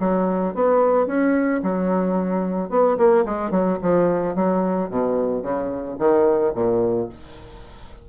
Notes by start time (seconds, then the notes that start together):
0.00 F#3
0.55 B3
1.07 C#4
1.63 F#3
2.70 B3
2.98 A#3
3.26 G#3
3.51 F#3
3.82 F3
4.36 F#3
4.90 B2
5.43 C#3
5.99 D#3
6.55 A#2